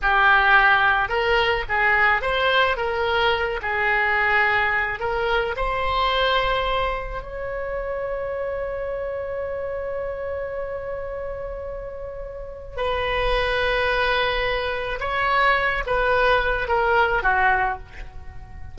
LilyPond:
\new Staff \with { instrumentName = "oboe" } { \time 4/4 \tempo 4 = 108 g'2 ais'4 gis'4 | c''4 ais'4. gis'4.~ | gis'4 ais'4 c''2~ | c''4 cis''2.~ |
cis''1~ | cis''2. b'4~ | b'2. cis''4~ | cis''8 b'4. ais'4 fis'4 | }